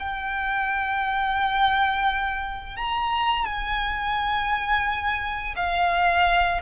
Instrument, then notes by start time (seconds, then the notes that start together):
violin
0.00 G5
2.77 A#5
3.46 G#5
5.57 F5